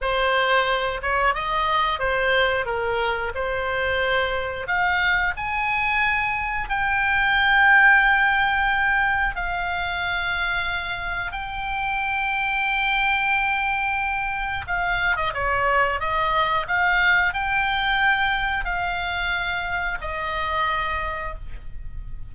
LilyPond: \new Staff \with { instrumentName = "oboe" } { \time 4/4 \tempo 4 = 90 c''4. cis''8 dis''4 c''4 | ais'4 c''2 f''4 | gis''2 g''2~ | g''2 f''2~ |
f''4 g''2.~ | g''2 f''8. dis''16 cis''4 | dis''4 f''4 g''2 | f''2 dis''2 | }